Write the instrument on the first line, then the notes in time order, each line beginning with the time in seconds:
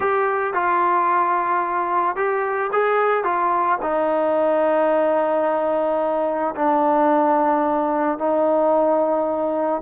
trombone
0.00 G4
0.53 F4
2.16 G4
2.72 G#4
3.23 F4
3.82 D#4
6.55 D4
8.18 D#4